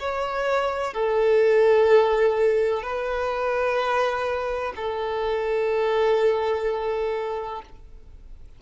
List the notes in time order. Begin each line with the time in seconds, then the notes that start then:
0.00 C#5
0.94 A4
2.83 B4
4.76 A4